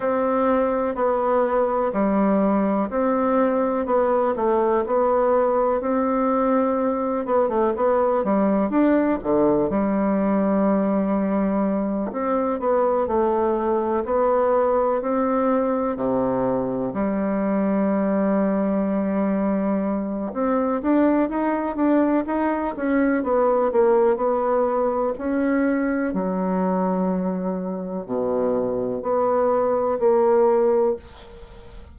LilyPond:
\new Staff \with { instrumentName = "bassoon" } { \time 4/4 \tempo 4 = 62 c'4 b4 g4 c'4 | b8 a8 b4 c'4. b16 a16 | b8 g8 d'8 d8 g2~ | g8 c'8 b8 a4 b4 c'8~ |
c'8 c4 g2~ g8~ | g4 c'8 d'8 dis'8 d'8 dis'8 cis'8 | b8 ais8 b4 cis'4 fis4~ | fis4 b,4 b4 ais4 | }